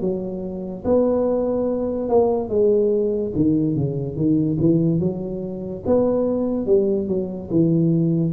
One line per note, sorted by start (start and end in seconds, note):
0.00 0.83 F#3
0.84 2.09 B3
2.09 2.49 A#3
2.49 3.32 G#3
3.35 3.75 D#3
3.75 4.16 C#3
4.16 4.58 D#3
4.60 5.00 E3
5.00 5.83 F#3
5.86 6.66 B3
6.66 7.07 G3
7.08 7.49 F#3
7.50 8.33 E3